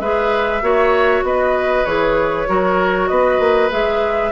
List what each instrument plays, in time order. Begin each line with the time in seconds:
0.00 bassoon G#3, clarinet G#4, oboe B4, flute E5
0.62 bassoon A#3, clarinet F#4, oboe C#5
1.23 bassoon B3, oboe B4, flute D#5
1.85 bassoon E3, clarinet G#4, flute C#5
2.48 bassoon F#3, clarinet F#4, oboe A#4
3.08 bassoon B3, oboe B4, flute D#5
3.39 bassoon A#3
3.70 bassoon G#3, clarinet G#4, flute E5